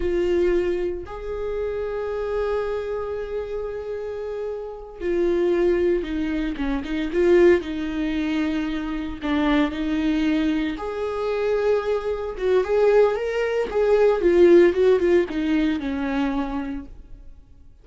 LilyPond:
\new Staff \with { instrumentName = "viola" } { \time 4/4 \tempo 4 = 114 f'2 gis'2~ | gis'1~ | gis'4. f'2 dis'8~ | dis'8 cis'8 dis'8 f'4 dis'4.~ |
dis'4. d'4 dis'4.~ | dis'8 gis'2. fis'8 | gis'4 ais'4 gis'4 f'4 | fis'8 f'8 dis'4 cis'2 | }